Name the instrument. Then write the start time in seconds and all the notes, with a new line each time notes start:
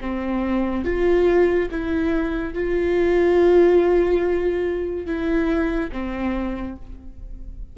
viola
0.00 C4
0.84 F4
1.71 E4
2.54 F4
5.06 E4
5.92 C4